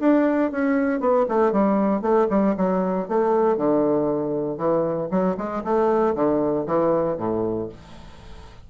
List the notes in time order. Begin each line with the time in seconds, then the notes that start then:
0.00 D4
0.52 C#4
1.00 B3
1.29 A3
1.52 G3
2.02 A3
2.30 G3
2.57 F#3
3.08 A3
3.57 D3
4.58 E3
5.11 F#3
5.38 G#3
5.64 A3
6.15 D3
6.67 E3
7.18 A2